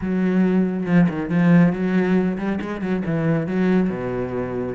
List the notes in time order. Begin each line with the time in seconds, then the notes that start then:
0.01 F#3
0.86 F3
1.09 D#3
1.29 F3
1.73 F#3
2.37 G3
2.61 G#3
2.81 F#3
3.05 E3
3.46 F#3
3.89 B2